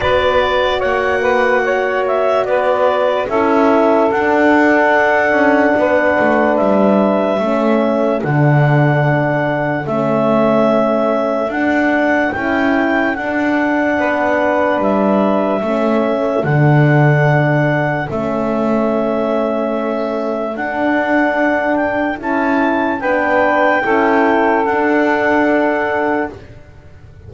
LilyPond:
<<
  \new Staff \with { instrumentName = "clarinet" } { \time 4/4 \tempo 4 = 73 d''4 fis''4. e''8 d''4 | e''4 fis''2. | e''2 fis''2 | e''2 fis''4 g''4 |
fis''2 e''2 | fis''2 e''2~ | e''4 fis''4. g''8 a''4 | g''2 fis''2 | }
  \new Staff \with { instrumentName = "saxophone" } { \time 4/4 b'4 cis''8 b'8 cis''4 b'4 | a'2. b'4~ | b'4 a'2.~ | a'1~ |
a'4 b'2 a'4~ | a'1~ | a'1 | b'4 a'2. | }
  \new Staff \with { instrumentName = "horn" } { \time 4/4 fis'1 | e'4 d'2.~ | d'4 cis'4 d'2 | cis'2 d'4 e'4 |
d'2. cis'4 | d'2 cis'2~ | cis'4 d'2 e'4 | d'4 e'4 d'2 | }
  \new Staff \with { instrumentName = "double bass" } { \time 4/4 b4 ais2 b4 | cis'4 d'4. cis'8 b8 a8 | g4 a4 d2 | a2 d'4 cis'4 |
d'4 b4 g4 a4 | d2 a2~ | a4 d'2 cis'4 | b4 cis'4 d'2 | }
>>